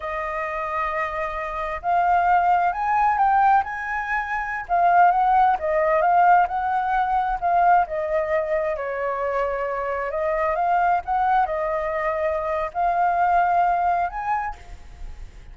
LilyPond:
\new Staff \with { instrumentName = "flute" } { \time 4/4 \tempo 4 = 132 dis''1 | f''2 gis''4 g''4 | gis''2~ gis''16 f''4 fis''8.~ | fis''16 dis''4 f''4 fis''4.~ fis''16~ |
fis''16 f''4 dis''2 cis''8.~ | cis''2~ cis''16 dis''4 f''8.~ | f''16 fis''4 dis''2~ dis''8. | f''2. gis''4 | }